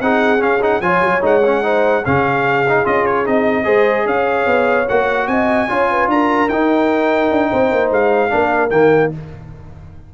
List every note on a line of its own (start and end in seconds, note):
0.00 0.40 C4
0.00 0.39 D#4
0.00 0.82 G#4
0.00 0.42 F#5
0.39 0.59 C#4
0.39 0.80 C#4
0.39 0.62 F5
0.61 0.81 D#4
0.61 0.81 F#5
0.80 1.01 F3
0.80 1.21 F4
0.80 1.63 C#5
0.80 1.21 G#5
1.01 1.21 F#3
1.21 2.03 G#3
1.21 1.41 D#4
1.21 2.05 F#5
1.45 1.63 C#4
1.63 2.03 D#4
1.63 2.04 C5
2.04 2.86 C#3
2.04 2.65 C#4
2.04 3.65 G#4
2.04 2.86 F5
2.68 2.85 D#4
2.85 3.26 C#4
2.85 3.25 F4
2.85 3.06 D#5
3.06 3.26 C#5
3.25 3.66 C4
3.25 3.64 D#4
3.25 4.07 D#5
3.64 4.05 G#3
3.64 4.85 G#4
3.64 4.05 C5
4.05 4.45 C#4
4.05 5.28 C#5
4.05 4.88 F5
4.46 4.86 B3
4.88 5.27 A#3
4.88 5.68 F#4
4.88 5.27 F#5
5.27 5.67 C4
5.27 5.69 D#5
5.27 6.08 G#5
5.68 6.07 C#4
5.68 6.49 F4
5.68 5.89 C#5
5.90 6.10 B4
6.07 6.48 D4
6.07 7.50 A#4
6.07 6.48 A#5
6.48 7.30 D#4
6.48 8.29 D#4
6.48 7.90 G5
7.31 7.51 D4
7.50 7.71 C4
7.50 8.31 C5
7.71 7.90 A#3
7.90 8.31 G#3
7.90 8.70 F5
8.29 8.71 A#3
8.29 8.70 D4
8.29 9.14 A#4
8.70 9.11 D#3
8.70 9.12 A#3
8.70 9.10 G5